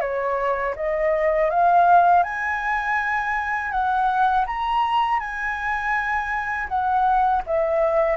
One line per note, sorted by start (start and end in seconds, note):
0.00 0.74 C#5
0.75 1.49 D#5
1.50 2.23 F5
2.23 3.71 G#5
3.71 4.45 F#5
4.46 5.19 A#5
5.19 6.67 G#5
6.68 7.42 F#5
7.46 8.16 E5